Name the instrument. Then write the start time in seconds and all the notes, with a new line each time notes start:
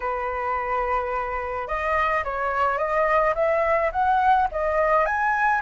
flute
0.00 B4
1.67 D#5
2.24 C#5
2.78 D#5
3.35 E5
3.92 F#5
4.51 D#5
5.05 G#5